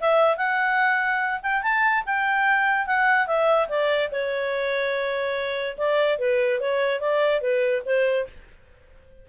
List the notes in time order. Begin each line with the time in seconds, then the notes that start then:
0.00 E5
0.37 F#5
1.43 G5
1.63 A5
2.06 G5
2.86 F#5
3.27 E5
3.68 D5
4.11 C#5
5.77 D5
6.18 B4
6.60 C#5
7.00 D5
7.41 B4
7.85 C5